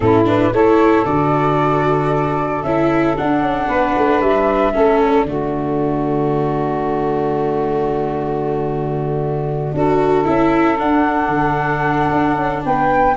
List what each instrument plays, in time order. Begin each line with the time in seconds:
0.00 tuba A2, viola C#4, saxophone E4, flute A4
0.25 viola D4, flute B4
0.52 tuba A3, viola E4, saxophone A4, flute C#5
1.05 tuba D3, viola F#4, flute D5
2.62 tuba C#4, viola E4, flute E5
3.16 viola D4, tuba D4, flute F#5
3.40 tuba C#4
3.68 tuba B3, saxophone B4
3.97 tuba A3
4.20 tuba G3, flute E5
4.73 tuba A3, viola C#4, saxophone A4
4.98 flute D5
5.24 tuba D3, viola A3, saxophone F#4
9.73 tuba D4, viola F#4, saxophone A4
10.24 tuba C#4, viola E4, flute E5
10.77 viola D4, tuba D4, flute F#5
11.28 tuba D3
12.12 tuba D4
12.35 tuba C#4
12.63 tuba B3, saxophone B4, flute G5